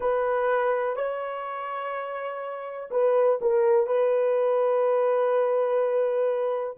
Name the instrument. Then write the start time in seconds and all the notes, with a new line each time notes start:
horn
0.00 B4
0.95 C#5
2.90 B4
3.41 A#4
3.86 B4